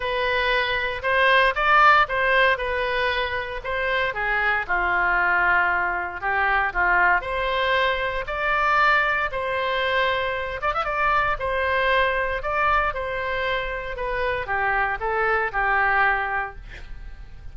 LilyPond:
\new Staff \with { instrumentName = "oboe" } { \time 4/4 \tempo 4 = 116 b'2 c''4 d''4 | c''4 b'2 c''4 | gis'4 f'2. | g'4 f'4 c''2 |
d''2 c''2~ | c''8 d''16 e''16 d''4 c''2 | d''4 c''2 b'4 | g'4 a'4 g'2 | }